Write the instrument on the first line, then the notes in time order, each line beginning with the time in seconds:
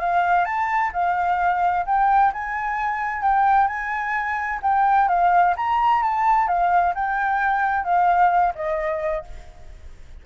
flute
0.00 F5
0.45 A5
0.93 F5
1.86 G5
2.33 G#5
3.22 G5
3.67 G#5
4.62 G5
5.08 F5
5.56 A#5
6.02 A5
6.47 F5
6.94 G5
7.84 F5
8.55 D#5